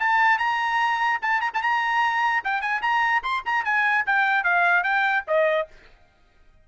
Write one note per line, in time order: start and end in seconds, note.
0.00 0.38 A5
0.38 1.19 A#5
1.22 1.41 A5
1.41 1.51 A#5
1.54 1.62 A5
1.62 2.43 A#5
2.44 2.61 G5
2.61 2.82 G#5
2.82 3.22 A#5
3.23 3.43 C6
3.45 3.64 A#5
3.64 4.05 G#5
4.06 4.44 G5
4.44 4.84 F5
4.84 5.24 G5
5.27 5.68 D#5